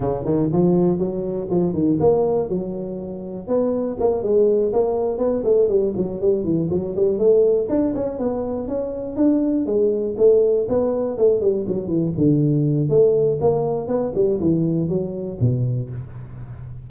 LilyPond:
\new Staff \with { instrumentName = "tuba" } { \time 4/4 \tempo 4 = 121 cis8 dis8 f4 fis4 f8 dis8 | ais4 fis2 b4 | ais8 gis4 ais4 b8 a8 g8 | fis8 g8 e8 fis8 g8 a4 d'8 |
cis'8 b4 cis'4 d'4 gis8~ | gis8 a4 b4 a8 g8 fis8 | e8 d4. a4 ais4 | b8 g8 e4 fis4 b,4 | }